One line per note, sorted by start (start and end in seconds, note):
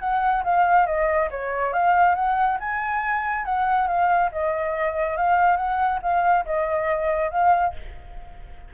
0.00 0.43 F#5
0.44 0.86 F5
0.86 1.29 D#5
1.31 1.73 C#5
1.73 2.15 F5
2.15 2.58 F#5
2.60 3.45 G#5
3.45 3.87 F#5
3.87 4.30 F5
4.32 5.17 D#5
5.17 5.57 F5
5.57 5.99 F#5
6.02 6.45 F5
6.45 7.31 D#5
7.31 7.74 F5